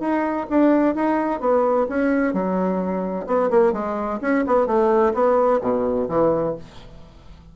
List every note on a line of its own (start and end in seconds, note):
0.00 0.47 D#4
0.50 0.95 D4
0.95 1.40 D#4
1.40 1.87 B3
1.89 2.34 C#4
2.34 3.27 F#3
3.27 3.50 B3
3.51 3.73 A#3
3.73 4.20 G#3
4.22 4.45 C#4
4.47 4.67 B3
4.67 5.14 A3
5.14 5.60 B3
5.62 6.08 B2
6.09 6.56 E3